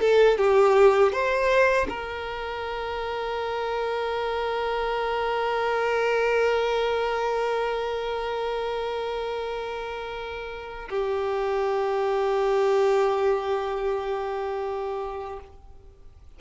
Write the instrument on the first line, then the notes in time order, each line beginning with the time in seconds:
violin
0.00 A4
0.38 G4
1.12 C5
1.89 A#4
10.90 G4